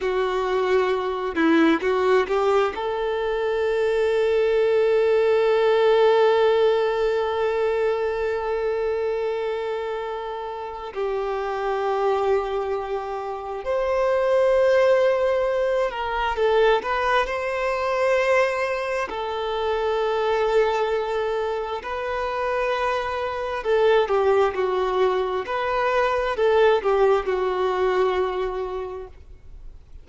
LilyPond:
\new Staff \with { instrumentName = "violin" } { \time 4/4 \tempo 4 = 66 fis'4. e'8 fis'8 g'8 a'4~ | a'1~ | a'1 | g'2. c''4~ |
c''4. ais'8 a'8 b'8 c''4~ | c''4 a'2. | b'2 a'8 g'8 fis'4 | b'4 a'8 g'8 fis'2 | }